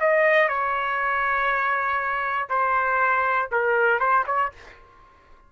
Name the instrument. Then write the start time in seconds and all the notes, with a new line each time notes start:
trumpet
0.00 D#5
0.48 C#5
2.49 C5
3.51 A#4
3.99 C5
4.26 C#5